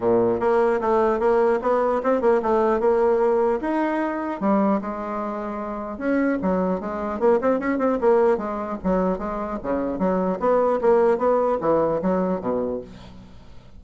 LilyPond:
\new Staff \with { instrumentName = "bassoon" } { \time 4/4 \tempo 4 = 150 ais,4 ais4 a4 ais4 | b4 c'8 ais8 a4 ais4~ | ais4 dis'2 g4 | gis2. cis'4 |
fis4 gis4 ais8 c'8 cis'8 c'8 | ais4 gis4 fis4 gis4 | cis4 fis4 b4 ais4 | b4 e4 fis4 b,4 | }